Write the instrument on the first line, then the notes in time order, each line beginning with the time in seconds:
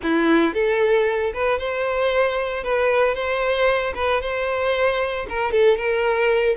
violin
0.03 E4
0.54 A4
1.33 B4
1.58 C5
2.63 B4
3.14 C5
3.94 B4
4.21 C5
5.29 A#4
5.51 A4
5.77 A#4